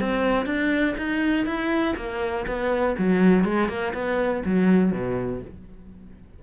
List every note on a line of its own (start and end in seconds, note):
0.00 0.46 C4
0.46 0.95 D4
0.97 1.46 D#4
1.46 1.95 E4
1.96 2.45 A#3
2.47 2.96 B3
2.98 3.44 F#3
3.44 3.68 G#3
3.68 3.93 A#3
3.94 4.43 B3
4.45 4.92 F#3
4.92 5.41 B2